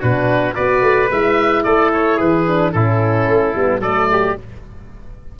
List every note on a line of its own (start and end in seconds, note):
0.00 0.57 B2
0.00 0.54 D4
0.00 0.55 F#4
0.00 0.55 B4
0.54 0.82 B3
0.54 1.09 F#4
0.54 1.64 B4
0.54 1.09 D5
0.82 1.09 A3
1.10 1.65 G#3
1.10 2.47 E4
1.10 1.63 E5
1.63 2.20 A3
1.63 2.17 A4
1.63 1.90 D5
1.93 2.20 C#5
2.17 2.74 E3
2.17 2.72 G#4
2.17 2.72 B4
2.47 2.73 D4
2.72 3.27 A2
2.72 3.55 C#4
2.72 3.81 E4
2.72 3.81 A4
3.27 3.54 A3
3.55 3.79 G3
3.55 3.82 B3
3.79 4.34 F#3
3.79 4.38 A3
3.79 4.08 A4
3.79 4.36 D5
4.12 4.39 G4